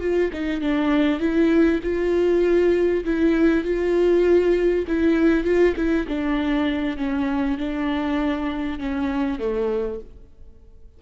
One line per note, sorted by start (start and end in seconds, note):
0.00 0.30 F4
0.33 0.61 D#4
0.61 1.19 D4
1.19 1.80 E4
1.83 3.04 F4
3.04 3.64 E4
3.64 4.85 F4
4.87 5.44 E4
5.44 5.74 F4
5.76 6.06 E4
6.08 6.97 D4
6.97 7.57 C#4
7.58 8.79 D4
8.79 9.39 C#4
9.39 9.99 A3